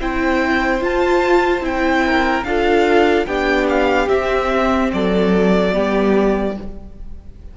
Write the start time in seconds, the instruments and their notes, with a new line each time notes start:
0.00 cello C4, viola E4, violin C5 G5
0.81 cello F4, viola F4, violin A5
1.61 cello C4, viola E4, violin G5
2.06 violin A#4
2.44 cello D4, viola F4, violin A4 F5
3.26 cello B3, viola D4, violin G4 G5
3.69 violin F5
4.09 viola C4, cello C4, violin E5
4.93 cello F#3, violin A4 D5
5.72 cello G3, viola B3, violin G4